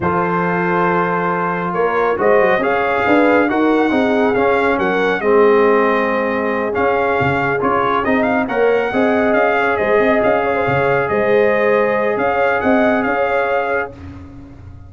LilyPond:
<<
  \new Staff \with { instrumentName = "trumpet" } { \time 4/4 \tempo 4 = 138 c''1 | cis''4 dis''4 f''2 | fis''2 f''4 fis''4 | dis''2.~ dis''8 f''8~ |
f''4. cis''4 dis''8 f''8 fis''8~ | fis''4. f''4 dis''4 f''8~ | f''4. dis''2~ dis''8 | f''4 fis''4 f''2 | }
  \new Staff \with { instrumentName = "horn" } { \time 4/4 a'1 | ais'4 c''4 cis''4 b'4 | ais'4 gis'2 ais'4 | gis'1~ |
gis'2.~ gis'8 cis''8~ | cis''8 dis''4. cis''8 c''8 dis''4 | cis''16 c''16 cis''4 c''2~ c''8 | cis''4 dis''4 cis''2 | }
  \new Staff \with { instrumentName = "trombone" } { \time 4/4 f'1~ | f'4 fis'4 gis'2 | fis'4 dis'4 cis'2 | c'2.~ c'8 cis'8~ |
cis'4. f'4 dis'4 ais'8~ | ais'8 gis'2.~ gis'8~ | gis'1~ | gis'1 | }
  \new Staff \with { instrumentName = "tuba" } { \time 4/4 f1 | ais4 gis8 fis8 cis'4 d'4 | dis'4 c'4 cis'4 fis4 | gis2.~ gis8 cis'8~ |
cis'8 cis4 cis'4 c'4 ais8~ | ais8 c'4 cis'4 gis8 c'8 cis'8~ | cis'8 cis4 gis2~ gis8 | cis'4 c'4 cis'2 | }
>>